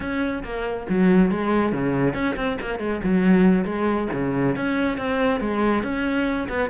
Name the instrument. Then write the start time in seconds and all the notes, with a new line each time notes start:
cello
0.00 C#4
0.43 A#3
0.89 F#3
1.30 G#3
1.72 C#3
2.14 C#4
2.36 C4
2.61 A#3
2.79 G#3
3.03 F#3
3.65 G#3
4.12 C#3
4.55 C#4
4.97 C4
5.40 G#3
5.83 C#4
6.48 B3